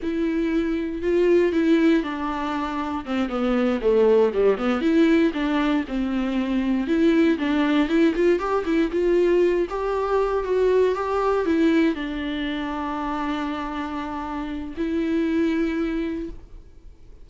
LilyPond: \new Staff \with { instrumentName = "viola" } { \time 4/4 \tempo 4 = 118 e'2 f'4 e'4 | d'2 c'8 b4 a8~ | a8 g8 b8 e'4 d'4 c'8~ | c'4. e'4 d'4 e'8 |
f'8 g'8 e'8 f'4. g'4~ | g'8 fis'4 g'4 e'4 d'8~ | d'1~ | d'4 e'2. | }